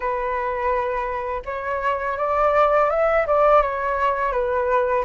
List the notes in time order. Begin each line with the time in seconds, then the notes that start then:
0.00 B4
1.45 C#5
2.17 D5
2.90 E5
3.26 D5
3.61 C#5
4.32 B4